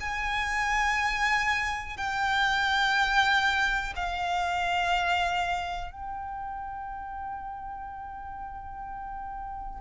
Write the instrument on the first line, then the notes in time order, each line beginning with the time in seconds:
violin
0.00 G#5
1.97 G5
3.96 F5
5.92 G5